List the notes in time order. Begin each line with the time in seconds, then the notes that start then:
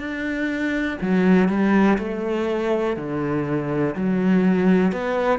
0.00 D4
1.02 F#3
1.49 G3
1.99 A3
2.97 D3
3.96 F#3
4.93 B3